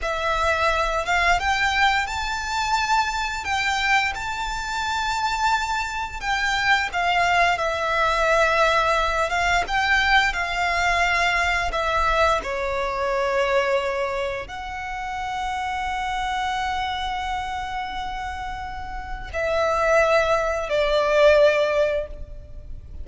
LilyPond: \new Staff \with { instrumentName = "violin" } { \time 4/4 \tempo 4 = 87 e''4. f''8 g''4 a''4~ | a''4 g''4 a''2~ | a''4 g''4 f''4 e''4~ | e''4. f''8 g''4 f''4~ |
f''4 e''4 cis''2~ | cis''4 fis''2.~ | fis''1 | e''2 d''2 | }